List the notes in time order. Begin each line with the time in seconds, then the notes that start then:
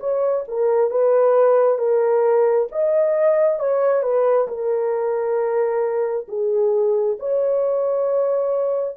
0.00 C#5
0.48 A#4
0.91 B4
1.79 A#4
2.72 D#5
3.60 C#5
4.03 B4
4.48 A#4
6.28 G#4
7.20 C#5